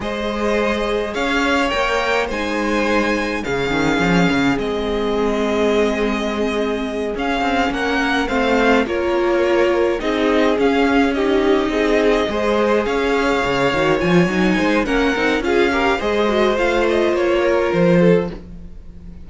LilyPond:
<<
  \new Staff \with { instrumentName = "violin" } { \time 4/4 \tempo 4 = 105 dis''2 f''4 g''4 | gis''2 f''2 | dis''1~ | dis''8 f''4 fis''4 f''4 cis''8~ |
cis''4. dis''4 f''4 dis''8~ | dis''2~ dis''8 f''4.~ | f''8 gis''4. fis''4 f''4 | dis''4 f''8 dis''8 cis''4 c''4 | }
  \new Staff \with { instrumentName = "violin" } { \time 4/4 c''2 cis''2 | c''2 gis'2~ | gis'1~ | gis'4. ais'4 c''4 ais'8~ |
ais'4. gis'2 g'8~ | g'8 gis'4 c''4 cis''4.~ | cis''4. c''8 ais'4 gis'8 ais'8 | c''2~ c''8 ais'4 a'8 | }
  \new Staff \with { instrumentName = "viola" } { \time 4/4 gis'2. ais'4 | dis'2 cis'2 | c'1~ | c'8 cis'2 c'4 f'8~ |
f'4. dis'4 cis'4 dis'8~ | dis'4. gis'2~ gis'8 | fis'8 f'8 dis'4 cis'8 dis'8 f'8 g'8 | gis'8 fis'8 f'2. | }
  \new Staff \with { instrumentName = "cello" } { \time 4/4 gis2 cis'4 ais4 | gis2 cis8 dis8 f8 cis8 | gis1~ | gis8 cis'8 c'8 ais4 a4 ais8~ |
ais4. c'4 cis'4.~ | cis'8 c'4 gis4 cis'4 cis8 | dis8 f8 fis8 gis8 ais8 c'8 cis'4 | gis4 a4 ais4 f4 | }
>>